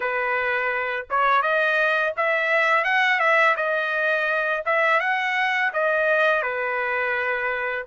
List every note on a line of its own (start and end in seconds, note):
0.00 1.06 B4
1.10 1.42 C#5
1.42 2.13 D#5
2.16 2.84 E5
2.84 3.19 F#5
3.19 3.55 E5
3.56 4.63 D#5
4.65 5.00 E5
5.00 5.71 F#5
5.73 6.42 D#5
6.42 7.85 B4